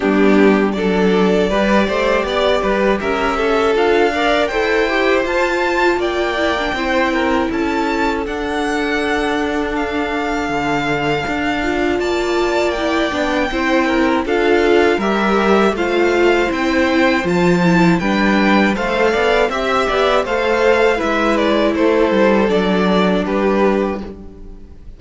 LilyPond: <<
  \new Staff \with { instrumentName = "violin" } { \time 4/4 \tempo 4 = 80 g'4 d''2. | e''4 f''4 g''4 a''4 | g''2 a''4 fis''4~ | fis''4 f''2. |
a''4 g''2 f''4 | e''4 f''4 g''4 a''4 | g''4 f''4 e''4 f''4 | e''8 d''8 c''4 d''4 b'4 | }
  \new Staff \with { instrumentName = "violin" } { \time 4/4 d'4 a'4 b'8 c''8 d''8 b'8 | ais'8 a'4 d''8 c''2 | d''4 c''8 ais'8 a'2~ | a'1 |
d''2 c''8 ais'8 a'4 | ais'4 c''2. | b'4 c''8 d''8 e''8 d''8 c''4 | b'4 a'2 g'4 | }
  \new Staff \with { instrumentName = "viola" } { \time 4/4 b4 d'4 g'2~ | g'4 f'8 ais'8 a'8 g'8 f'4~ | f'8 e'16 d'16 e'2 d'4~ | d'2.~ d'8 f'8~ |
f'4 e'8 d'8 e'4 f'4 | g'4 f'4 e'4 f'8 e'8 | d'4 a'4 g'4 a'4 | e'2 d'2 | }
  \new Staff \with { instrumentName = "cello" } { \time 4/4 g4 fis4 g8 a8 b8 g8 | cis'4 d'4 e'4 f'4 | ais4 c'4 cis'4 d'4~ | d'2 d4 d'4 |
ais4. b8 c'4 d'4 | g4 a4 c'4 f4 | g4 a8 b8 c'8 b8 a4 | gis4 a8 g8 fis4 g4 | }
>>